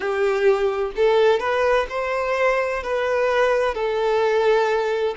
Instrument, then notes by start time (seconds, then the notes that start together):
violin
0.00 G4
0.95 A4
1.39 B4
1.89 C5
2.83 B4
3.74 A4